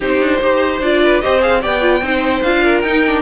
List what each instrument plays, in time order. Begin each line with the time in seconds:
0.00 cello C4, viola D#4, violin G4 C5
0.20 cello D4
0.41 cello D#4, viola G4, violin C5
0.80 cello D4, viola F4, violin D5
1.03 violin B4
1.20 cello C4, viola G4, violin C5 D#5
1.40 viola G#4, violin F5
1.61 cello B3, viola G4, violin D5 G5
1.80 viola F4
2.01 cello C4, viola D#4, violin C5
2.42 cello D4, viola F4, violin F5
2.63 violin A#4
2.81 cello D#4, viola D#4, violin G5
3.06 viola D4